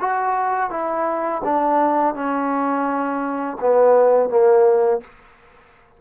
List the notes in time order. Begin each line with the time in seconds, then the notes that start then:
0.00 F#4
0.70 E4
1.44 D4
2.14 C#4
3.60 B3
4.29 A#3